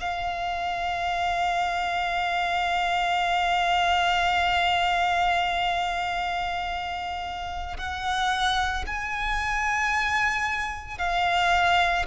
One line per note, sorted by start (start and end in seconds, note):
0.00 7.77 F5
7.77 8.84 F#5
8.86 10.98 G#5
10.98 12.05 F5